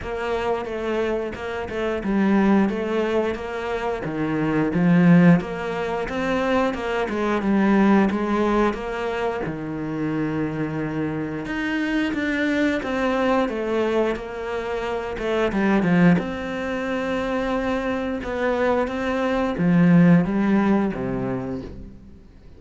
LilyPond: \new Staff \with { instrumentName = "cello" } { \time 4/4 \tempo 4 = 89 ais4 a4 ais8 a8 g4 | a4 ais4 dis4 f4 | ais4 c'4 ais8 gis8 g4 | gis4 ais4 dis2~ |
dis4 dis'4 d'4 c'4 | a4 ais4. a8 g8 f8 | c'2. b4 | c'4 f4 g4 c4 | }